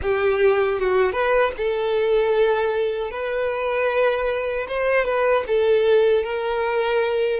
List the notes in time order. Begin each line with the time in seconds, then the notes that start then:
0.01 G4
0.79 F#4
1.12 B4
1.57 A4
3.10 B4
4.68 C5
5.05 B4
5.47 A4
6.23 A#4